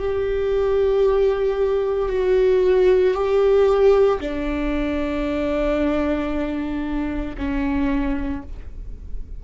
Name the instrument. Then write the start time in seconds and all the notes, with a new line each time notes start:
viola
0.00 G4
2.10 F#4
3.14 G4
4.21 D4
7.37 C#4